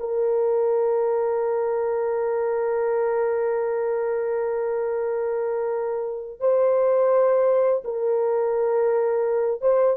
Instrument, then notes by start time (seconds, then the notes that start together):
horn
0.00 A#4
6.41 C5
7.85 A#4
9.62 C5